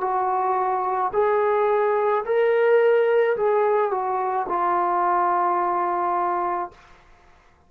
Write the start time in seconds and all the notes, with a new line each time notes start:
0.00 F#4
1.13 G#4
2.25 A#4
3.36 G#4
3.91 F#4
4.48 F4